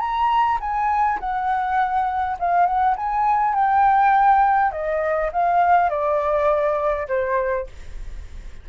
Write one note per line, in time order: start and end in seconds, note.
0.00 0.59 A#5
0.61 1.20 G#5
1.20 2.37 F#5
2.39 2.66 F5
2.66 2.96 F#5
2.97 3.55 G#5
3.55 4.72 G5
4.72 5.31 D#5
5.33 5.90 F5
5.90 7.08 D5
7.08 7.67 C5